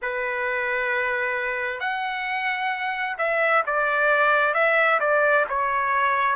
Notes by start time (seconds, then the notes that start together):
0.02 B4
1.79 F#5
3.18 E5
3.66 D5
4.54 E5
5.00 D5
5.49 C#5